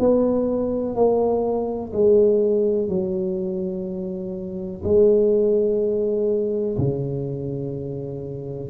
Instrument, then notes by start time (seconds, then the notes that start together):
tuba
0.00 B3
0.96 A#3
1.93 G#3
2.89 F#3
4.84 G#3
6.78 C#3